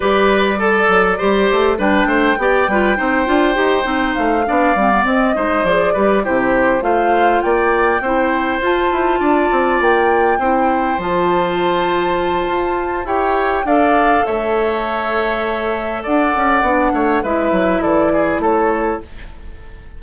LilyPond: <<
  \new Staff \with { instrumentName = "flute" } { \time 4/4 \tempo 4 = 101 d''2. g''4~ | g''2. f''4~ | f''8 dis''4 d''4 c''4 f''8~ | f''8 g''2 a''4.~ |
a''8 g''2 a''4.~ | a''2 g''4 f''4 | e''2. fis''4~ | fis''4 e''4 d''4 cis''4 | }
  \new Staff \with { instrumentName = "oboe" } { \time 4/4 b'4 a'4 c''4 b'8 c''8 | d''8 b'8 c''2~ c''8 d''8~ | d''4 c''4 b'8 g'4 c''8~ | c''8 d''4 c''2 d''8~ |
d''4. c''2~ c''8~ | c''2 cis''4 d''4 | cis''2. d''4~ | d''8 cis''8 b'4 a'8 gis'8 a'4 | }
  \new Staff \with { instrumentName = "clarinet" } { \time 4/4 g'4 a'4 g'4 d'4 | g'8 f'8 dis'8 f'8 g'8 dis'4 d'8 | c'16 b16 c'8 dis'8 gis'8 g'8 e'4 f'8~ | f'4. e'4 f'4.~ |
f'4. e'4 f'4.~ | f'2 g'4 a'4~ | a'1 | d'4 e'2. | }
  \new Staff \with { instrumentName = "bassoon" } { \time 4/4 g4. fis8 g8 a8 g8 a8 | b8 g8 c'8 d'8 dis'8 c'8 a8 b8 | g8 c'8 gis8 f8 g8 c4 a8~ | a8 ais4 c'4 f'8 e'8 d'8 |
c'8 ais4 c'4 f4.~ | f4 f'4 e'4 d'4 | a2. d'8 cis'8 | b8 a8 gis8 fis8 e4 a4 | }
>>